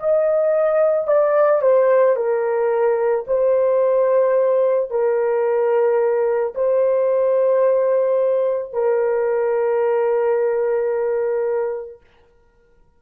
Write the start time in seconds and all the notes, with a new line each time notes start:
0.00 D#5
1.07 D5
1.62 C5
2.16 A#4
3.27 C5
4.90 A#4
6.55 C5
8.73 A#4